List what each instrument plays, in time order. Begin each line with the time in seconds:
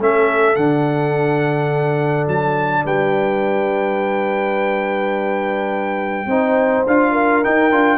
0.00 tuba A3, trombone C#4, horn A4, trumpet E5
0.56 tuba D3, trombone D4, trumpet F#5
2.28 tuba F#3, trumpet A5
2.85 tuba G3, horn B4, trumpet G5
6.27 tuba C4, trombone D#4, horn C5
6.87 tuba D4, trombone F4, trumpet F5
7.12 horn A#4
7.45 trombone D#4, tuba D#4, trumpet G5
7.72 tuba D4, trombone F4